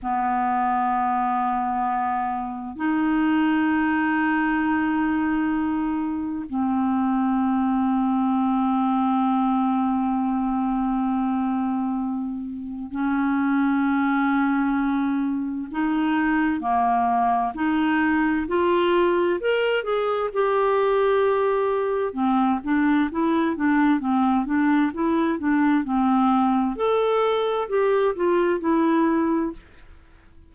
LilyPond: \new Staff \with { instrumentName = "clarinet" } { \time 4/4 \tempo 4 = 65 b2. dis'4~ | dis'2. c'4~ | c'1~ | c'2 cis'2~ |
cis'4 dis'4 ais4 dis'4 | f'4 ais'8 gis'8 g'2 | c'8 d'8 e'8 d'8 c'8 d'8 e'8 d'8 | c'4 a'4 g'8 f'8 e'4 | }